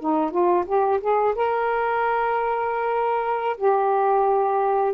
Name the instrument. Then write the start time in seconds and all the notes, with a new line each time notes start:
saxophone
0.00 D#4
0.31 F4
0.66 G4
1.01 G#4
1.35 A#4
3.57 G4